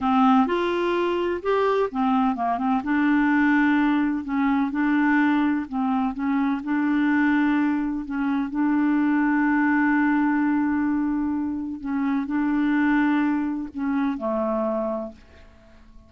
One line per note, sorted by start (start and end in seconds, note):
0.00 0.46 C4
0.46 1.41 F4
1.42 1.89 G4
1.91 2.35 C4
2.35 2.57 A#3
2.57 2.81 C4
2.83 4.24 D4
4.24 4.71 C#4
4.71 5.65 D4
5.68 6.14 C4
6.14 6.61 C#4
6.63 8.05 D4
8.05 8.49 C#4
8.49 11.80 D4
11.80 12.26 C#4
12.26 13.68 D4
13.74 14.17 C#4
14.17 15.12 A3